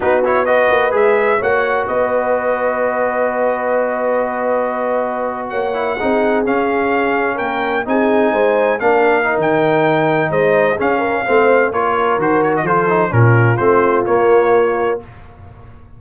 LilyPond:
<<
  \new Staff \with { instrumentName = "trumpet" } { \time 4/4 \tempo 4 = 128 b'8 cis''8 dis''4 e''4 fis''4 | dis''1~ | dis''2.~ dis''8. fis''16~ | fis''4.~ fis''16 f''2 g''16~ |
g''8. gis''2 f''4~ f''16 | g''2 dis''4 f''4~ | f''4 cis''4 c''8 cis''16 dis''16 c''4 | ais'4 c''4 cis''2 | }
  \new Staff \with { instrumentName = "horn" } { \time 4/4 fis'4 b'2 cis''4 | b'1~ | b'2.~ b'8. cis''16~ | cis''8. gis'2. ais'16~ |
ais'8. gis'4 c''4 ais'4~ ais'16~ | ais'2 c''4 gis'8 ais'8 | c''4 ais'2 a'4 | f'1 | }
  \new Staff \with { instrumentName = "trombone" } { \time 4/4 dis'8 e'8 fis'4 gis'4 fis'4~ | fis'1~ | fis'1~ | fis'16 e'8 dis'4 cis'2~ cis'16~ |
cis'8. dis'2 d'4 dis'16~ | dis'2. cis'4 | c'4 f'4 fis'4 f'8 dis'8 | cis'4 c'4 ais2 | }
  \new Staff \with { instrumentName = "tuba" } { \time 4/4 b4. ais8 gis4 ais4 | b1~ | b2.~ b8. ais16~ | ais8. c'4 cis'2 ais16~ |
ais8. c'4 gis4 ais4~ ais16 | dis2 gis4 cis'4 | a4 ais4 dis4 f4 | ais,4 a4 ais2 | }
>>